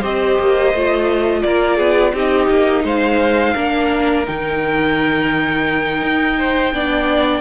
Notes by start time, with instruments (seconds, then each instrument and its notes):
0.00 cello C4, viola G4, violin C5 D#5
0.39 cello A#3
0.74 cello A3, viola F4
1.42 cello A#3, violin A#4 D5
1.76 cello B3, violin G#4
2.13 cello C4, viola D#4, violin G4 D#5
2.49 cello A#3
2.84 cello G#3, violin C5 F5
3.54 cello A#3, viola D4, violin A#4
4.26 cello D#3, viola D#4, violin G5
6.02 cello D#4
6.38 violin C5
6.73 cello B3, viola D4, violin D5